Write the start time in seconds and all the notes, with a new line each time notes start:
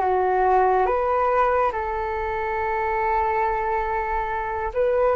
0.00 F#4
0.86 B4
1.72 A4
4.73 B4